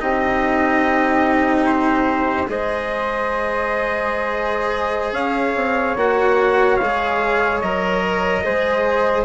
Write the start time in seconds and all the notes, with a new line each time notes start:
0.00 C4 D#4 G4 D#5
1.66 C5
2.47 G#3 G#4 C5 D#5
5.12 C#4 C#5 F5
5.56 C4
5.96 A#3 F#4 F#5
6.77 G#3 G#4 F5
7.61 F#3 A#4 D#5
8.44 G#3 G#4 C5